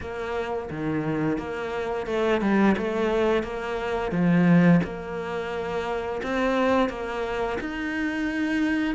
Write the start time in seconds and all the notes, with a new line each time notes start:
0.00 A#3
0.70 D#3
1.38 A#3
2.06 A3
2.41 G3
2.77 A3
3.43 A#3
4.11 F3
4.83 A#3
6.22 C4
6.89 A#3
7.60 D#4